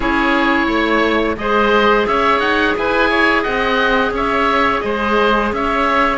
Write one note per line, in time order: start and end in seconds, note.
0.00 0.67 C#4
0.00 1.36 E4
0.00 0.66 G#4
0.00 1.35 C#5
0.66 1.36 A3
0.66 1.35 C#5
1.37 2.06 G#3
1.37 6.17 G#4
1.37 2.08 C5
1.37 2.06 D#5
2.06 2.39 C#4
2.06 2.77 C#5
2.06 2.40 E5
2.39 2.73 D#4
2.39 2.74 F#5
2.77 3.46 E4
2.77 3.09 B4
2.77 3.43 G#5
3.09 3.42 C#5
3.42 4.11 C4
3.42 4.11 D#5
3.42 4.12 F#5
4.11 4.80 C#4
4.11 4.84 C#5
4.11 4.80 E5
4.80 5.52 G#3
4.80 5.53 C5
4.80 5.49 D#5
5.52 6.17 C#4
5.52 6.17 C#5
5.52 6.17 E5